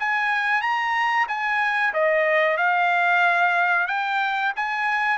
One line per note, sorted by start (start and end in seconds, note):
0.00 0.62 G#5
0.62 1.27 A#5
1.28 1.94 G#5
1.94 2.58 D#5
2.58 3.88 F5
3.88 4.53 G5
4.56 5.18 G#5